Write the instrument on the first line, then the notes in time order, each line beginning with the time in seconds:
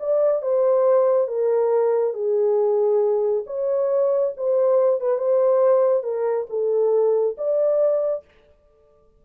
horn
0.00 D5
0.42 C5
1.28 A#4
2.14 G#4
3.47 C#5
4.37 C5
5.01 B4
5.18 C5
6.04 A#4
6.50 A4
7.38 D5